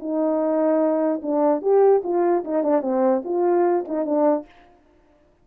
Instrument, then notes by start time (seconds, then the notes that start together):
horn
0.00 D#4
1.23 D4
1.62 G4
2.04 F4
2.45 D#4
2.64 D4
2.82 C4
3.25 F4
3.88 D#4
4.06 D4